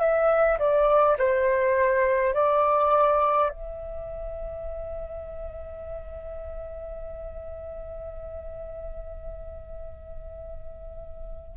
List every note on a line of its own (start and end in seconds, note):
0.00 0.58 E5
0.59 1.16 D5
1.18 2.33 C5
2.34 3.49 D5
3.49 11.57 E5